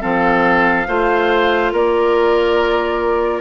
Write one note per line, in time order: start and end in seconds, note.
0.00 0.87 F3
0.00 0.86 C4
0.00 0.87 A4
0.00 1.73 F5
0.87 1.72 A3
0.87 3.41 F4
0.87 1.72 C5
1.72 3.41 A#3
1.72 3.41 A#4
1.72 3.41 D5